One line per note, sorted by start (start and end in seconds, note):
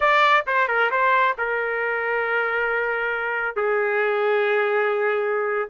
0.00 0.44 D5
0.47 0.67 C5
0.67 0.90 A#4
0.90 1.35 C5
1.38 3.56 A#4
3.56 5.68 G#4